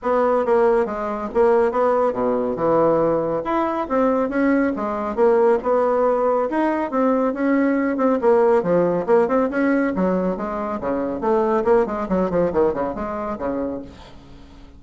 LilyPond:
\new Staff \with { instrumentName = "bassoon" } { \time 4/4 \tempo 4 = 139 b4 ais4 gis4 ais4 | b4 b,4 e2 | e'4 c'4 cis'4 gis4 | ais4 b2 dis'4 |
c'4 cis'4. c'8 ais4 | f4 ais8 c'8 cis'4 fis4 | gis4 cis4 a4 ais8 gis8 | fis8 f8 dis8 cis8 gis4 cis4 | }